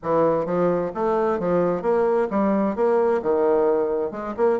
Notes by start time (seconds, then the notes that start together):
0.02 E3
0.45 F3
0.94 A3
1.39 F3
1.82 A#3
2.30 G3
2.75 A#3
3.22 D#3
4.11 G#3
4.36 A#3